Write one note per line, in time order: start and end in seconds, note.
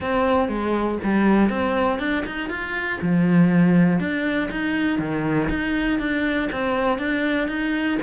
0.00 0.48 C4
0.48 0.98 G#3
1.03 1.49 G3
1.49 1.99 C4
1.99 2.24 D4
2.25 2.49 D#4
2.49 2.99 F4
3.01 3.99 F3
3.99 4.49 D4
4.51 4.98 D#4
4.98 5.48 D#3
5.49 5.99 D#4
5.99 6.49 D4
6.51 6.98 C4
6.98 7.48 D4
7.48 7.98 D#4